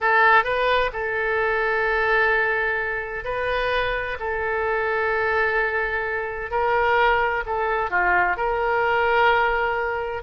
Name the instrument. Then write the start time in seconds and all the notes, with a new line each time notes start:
oboe
0.01 A4
0.44 B4
0.92 A4
3.24 B4
4.19 A4
6.50 A#4
7.46 A4
7.90 F4
8.36 A#4